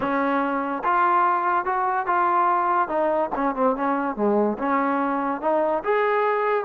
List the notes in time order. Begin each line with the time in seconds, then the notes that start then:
0.00 C#4
0.84 F4
1.65 F#4
2.06 F4
2.88 D#4
3.35 C#4
3.55 C4
3.76 C#4
4.16 G#3
4.58 C#4
5.41 D#4
5.83 G#4